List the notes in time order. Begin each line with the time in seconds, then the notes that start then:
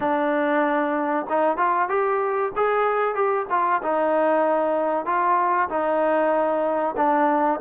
0.00 D4
1.29 D#4
1.57 F4
1.88 G4
2.56 G#4
3.14 G4
3.50 F4
3.82 D#4
5.05 F4
5.69 D#4
6.96 D4